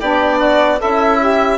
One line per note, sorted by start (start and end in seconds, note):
0.00 0.80 B3
0.00 0.79 D4
0.00 0.39 G4
0.00 0.80 D5
0.39 0.79 F#4
0.79 1.58 C#4
0.79 1.58 E4
0.79 1.19 A4
0.79 1.58 E5
1.20 1.58 G4